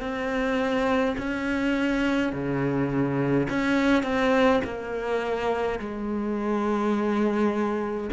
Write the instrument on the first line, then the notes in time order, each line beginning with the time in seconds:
cello
0.00 C4
1.17 C#4
2.32 C#3
3.49 C#4
4.03 C4
4.64 A#3
5.78 G#3